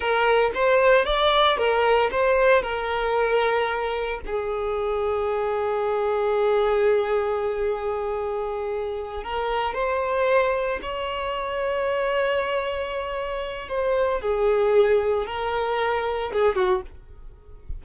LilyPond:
\new Staff \with { instrumentName = "violin" } { \time 4/4 \tempo 4 = 114 ais'4 c''4 d''4 ais'4 | c''4 ais'2. | gis'1~ | gis'1~ |
gis'4. ais'4 c''4.~ | c''8 cis''2.~ cis''8~ | cis''2 c''4 gis'4~ | gis'4 ais'2 gis'8 fis'8 | }